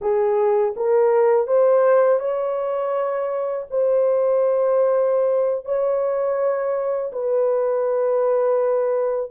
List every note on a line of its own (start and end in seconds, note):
0.01 0.74 G#4
0.76 1.47 A#4
1.47 2.20 C5
2.20 3.66 C#5
3.70 5.65 C5
5.65 7.11 C#5
7.12 9.30 B4